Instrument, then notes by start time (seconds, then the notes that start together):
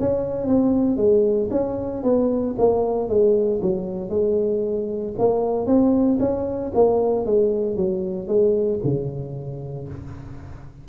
tuba
0.00 C#4
0.47 C4
0.97 G#3
1.51 C#4
2.04 B3
2.59 A#3
3.09 G#3
3.62 F#3
4.10 G#3
5.19 A#3
5.67 C4
6.20 C#4
6.75 A#3
7.26 G#3
7.77 F#3
8.28 G#3
8.84 C#3